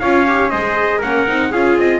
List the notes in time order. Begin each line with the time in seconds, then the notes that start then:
0.00 C#4 F4 C#5 F5
0.26 G4
0.50 G#3 G#4 C5 D#5
0.98 A#3 C#4 A#4 F#5
1.27 C4 D#4
1.51 C#4 F4 G#4 F5
1.78 C4 D#5